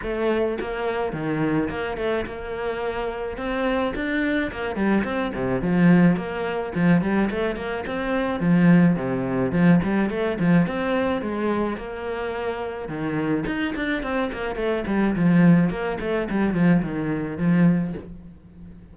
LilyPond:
\new Staff \with { instrumentName = "cello" } { \time 4/4 \tempo 4 = 107 a4 ais4 dis4 ais8 a8 | ais2 c'4 d'4 | ais8 g8 c'8 c8 f4 ais4 | f8 g8 a8 ais8 c'4 f4 |
c4 f8 g8 a8 f8 c'4 | gis4 ais2 dis4 | dis'8 d'8 c'8 ais8 a8 g8 f4 | ais8 a8 g8 f8 dis4 f4 | }